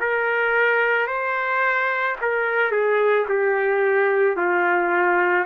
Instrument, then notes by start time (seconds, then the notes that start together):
trumpet
0.00 A#4
1.07 C5
2.22 A#4
2.71 G#4
3.29 G4
4.37 F4